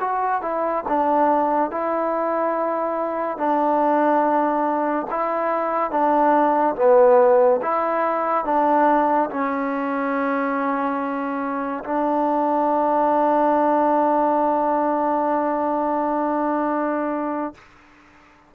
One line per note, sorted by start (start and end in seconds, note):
0.00 0.42 F#4
0.42 0.84 E4
0.88 1.71 D4
1.71 3.38 E4
3.38 5.07 D4
5.10 5.91 E4
5.91 6.75 D4
6.76 7.60 B3
7.62 8.45 E4
8.45 9.30 D4
9.30 11.84 C#4
11.84 17.54 D4